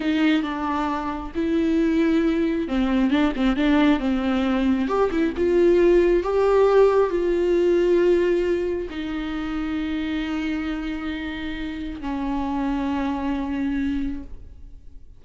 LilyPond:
\new Staff \with { instrumentName = "viola" } { \time 4/4 \tempo 4 = 135 dis'4 d'2 e'4~ | e'2 c'4 d'8 c'8 | d'4 c'2 g'8 e'8 | f'2 g'2 |
f'1 | dis'1~ | dis'2. cis'4~ | cis'1 | }